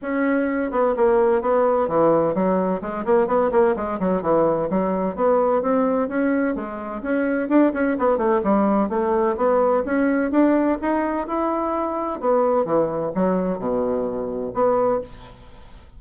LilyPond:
\new Staff \with { instrumentName = "bassoon" } { \time 4/4 \tempo 4 = 128 cis'4. b8 ais4 b4 | e4 fis4 gis8 ais8 b8 ais8 | gis8 fis8 e4 fis4 b4 | c'4 cis'4 gis4 cis'4 |
d'8 cis'8 b8 a8 g4 a4 | b4 cis'4 d'4 dis'4 | e'2 b4 e4 | fis4 b,2 b4 | }